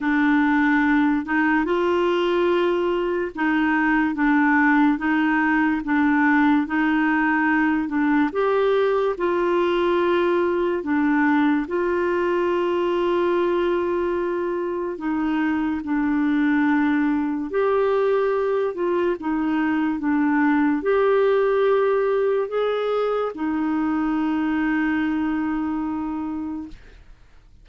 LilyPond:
\new Staff \with { instrumentName = "clarinet" } { \time 4/4 \tempo 4 = 72 d'4. dis'8 f'2 | dis'4 d'4 dis'4 d'4 | dis'4. d'8 g'4 f'4~ | f'4 d'4 f'2~ |
f'2 dis'4 d'4~ | d'4 g'4. f'8 dis'4 | d'4 g'2 gis'4 | dis'1 | }